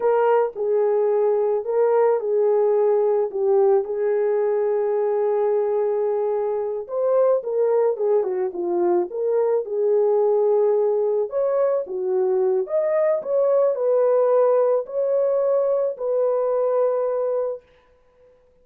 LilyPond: \new Staff \with { instrumentName = "horn" } { \time 4/4 \tempo 4 = 109 ais'4 gis'2 ais'4 | gis'2 g'4 gis'4~ | gis'1~ | gis'8 c''4 ais'4 gis'8 fis'8 f'8~ |
f'8 ais'4 gis'2~ gis'8~ | gis'8 cis''4 fis'4. dis''4 | cis''4 b'2 cis''4~ | cis''4 b'2. | }